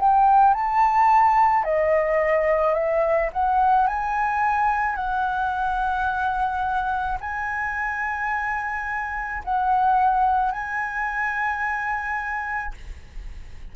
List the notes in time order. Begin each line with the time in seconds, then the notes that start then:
0.00 G5
0.55 A5
1.65 D#5
2.74 E5
3.33 F#5
3.87 G#5
4.96 F#5
7.21 G#5
9.44 F#5
10.52 G#5